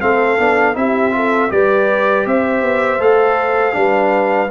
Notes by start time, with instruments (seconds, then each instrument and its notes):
0.00 tuba A3, trombone C4, horn A4, trumpet F5
0.38 tuba B3, trombone D4
0.74 tuba C4, trombone E4, horn G4, trumpet E5
1.11 trombone F4, horn A4
1.49 tuba G3, trombone G4, horn B4, trumpet D5
2.26 tuba C4, horn C5, trumpet E5
2.62 tuba B3
2.99 tuba A3, trombone A4, trumpet F5
3.73 tuba G3, trombone D4, horn B4